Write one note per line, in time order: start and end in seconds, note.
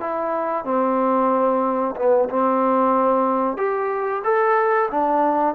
0.00 0.65 E4
0.65 1.95 C4
1.96 2.29 B3
2.29 3.57 C4
3.57 4.22 G4
4.24 4.89 A4
4.91 5.55 D4